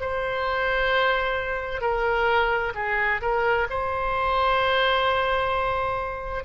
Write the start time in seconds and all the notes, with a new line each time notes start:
0.00 C5
1.81 A#4
2.75 G#4
3.21 A#4
3.70 C5